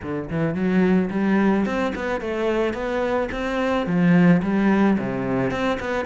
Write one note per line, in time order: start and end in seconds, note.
0.02 0.29 D3
0.30 0.54 E3
0.54 1.09 F#3
1.10 1.65 G3
1.65 1.93 C4
1.95 2.20 B3
2.20 2.73 A3
2.73 3.28 B3
3.31 3.86 C4
3.86 4.41 F3
4.42 4.97 G3
4.98 5.50 C3
5.50 5.78 C4
5.79 6.05 B3